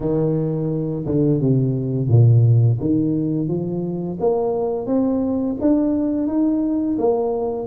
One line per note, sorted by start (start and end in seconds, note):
0.00 1.05 D#3
1.06 1.40 D3
1.40 2.08 C3
2.08 2.78 A#2
2.79 3.48 D#3
3.48 4.17 F3
4.20 4.86 A#3
4.86 5.56 C4
5.60 6.27 D4
6.27 6.97 D#4
6.98 7.67 A#3